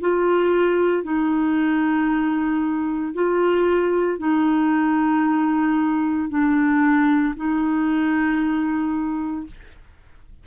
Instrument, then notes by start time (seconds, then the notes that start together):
clarinet
0.00 F4
1.03 D#4
3.14 F4
4.18 D#4
6.29 D4
7.36 D#4